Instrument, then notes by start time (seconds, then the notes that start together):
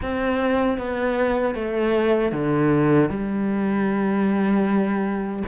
cello
0.01 C4
0.78 B3
1.54 A3
2.32 D3
3.09 G3